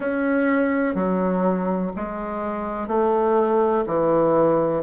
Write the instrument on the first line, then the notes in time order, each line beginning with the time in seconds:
bassoon
0.00 C#4
0.95 F#3
1.96 G#3
2.87 A3
3.86 E3